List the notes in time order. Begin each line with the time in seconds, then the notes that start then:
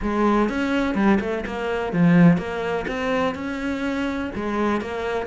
0.01 G#3
0.49 C#4
0.94 G3
1.20 A3
1.46 A#3
1.92 F3
2.37 A#3
2.87 C4
3.34 C#4
4.35 G#3
4.81 A#3